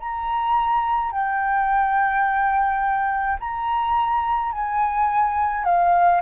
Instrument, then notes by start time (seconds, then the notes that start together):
flute
0.00 A#5
1.12 G5
3.41 A#5
4.52 G#5
5.65 F5